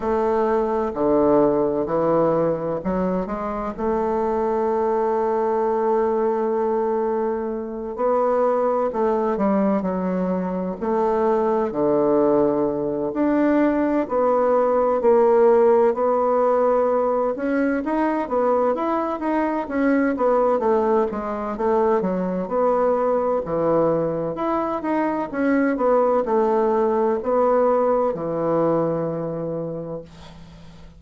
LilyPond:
\new Staff \with { instrumentName = "bassoon" } { \time 4/4 \tempo 4 = 64 a4 d4 e4 fis8 gis8 | a1~ | a8 b4 a8 g8 fis4 a8~ | a8 d4. d'4 b4 |
ais4 b4. cis'8 dis'8 b8 | e'8 dis'8 cis'8 b8 a8 gis8 a8 fis8 | b4 e4 e'8 dis'8 cis'8 b8 | a4 b4 e2 | }